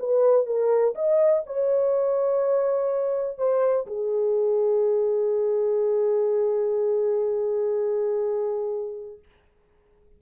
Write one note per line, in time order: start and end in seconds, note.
0.00 0.47 B4
0.47 0.95 A#4
0.96 1.44 D#5
1.46 3.38 C#5
3.38 3.87 C5
3.87 9.19 G#4